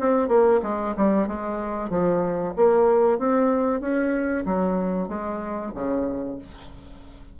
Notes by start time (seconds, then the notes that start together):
0.00 C4
0.29 A#3
0.63 G#3
0.97 G3
1.28 G#3
1.90 F3
2.56 A#3
3.19 C4
3.81 C#4
4.46 F#3
5.09 G#3
5.75 C#3